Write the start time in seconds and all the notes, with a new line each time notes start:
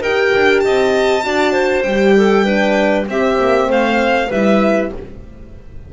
0.00 D#4 G4 A#4 G5
0.36 D4
0.60 D#5 A5
0.67 C4
1.23 D4 F#4 D5
1.53 C5
1.83 G3 G4 G5
2.17 A4
2.45 D4 B4
3.08 C4 G4 E5
3.40 A#3
3.68 A3 C5 F5
4.29 G3 E4 B4 E5